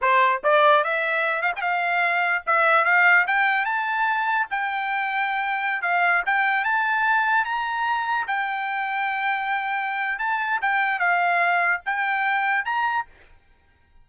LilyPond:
\new Staff \with { instrumentName = "trumpet" } { \time 4/4 \tempo 4 = 147 c''4 d''4 e''4. f''16 g''16 | f''2 e''4 f''4 | g''4 a''2 g''4~ | g''2~ g''16 f''4 g''8.~ |
g''16 a''2 ais''4.~ ais''16~ | ais''16 g''2.~ g''8.~ | g''4 a''4 g''4 f''4~ | f''4 g''2 ais''4 | }